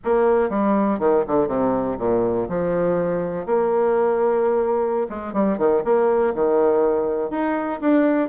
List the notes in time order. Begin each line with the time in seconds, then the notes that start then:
0.04 A#3
0.49 G3
0.99 D#3
1.27 D3
1.47 C3
1.98 A#2
2.48 F3
3.46 A#3
5.09 G#3
5.33 G3
5.58 D#3
5.84 A#3
6.34 D#3
7.30 D#4
7.81 D4